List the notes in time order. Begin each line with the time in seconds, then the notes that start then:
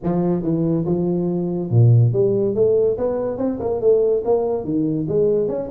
0.03 F3
0.42 E3
0.85 F3
1.70 A#2
2.12 G3
2.54 A3
2.97 B3
3.37 C4
3.60 A#3
3.80 A3
4.25 A#3
4.64 D#3
5.08 G#3
5.48 C#4